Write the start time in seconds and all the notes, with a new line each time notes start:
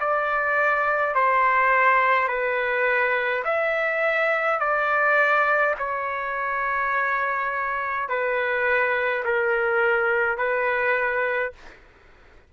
0.00 D5
1.15 C5
2.28 B4
3.45 E5
4.59 D5
5.78 C#5
8.09 B4
9.25 A#4
10.37 B4